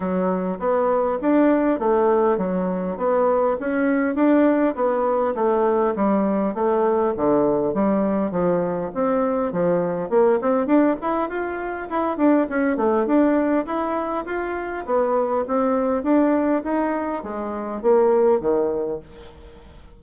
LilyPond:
\new Staff \with { instrumentName = "bassoon" } { \time 4/4 \tempo 4 = 101 fis4 b4 d'4 a4 | fis4 b4 cis'4 d'4 | b4 a4 g4 a4 | d4 g4 f4 c'4 |
f4 ais8 c'8 d'8 e'8 f'4 | e'8 d'8 cis'8 a8 d'4 e'4 | f'4 b4 c'4 d'4 | dis'4 gis4 ais4 dis4 | }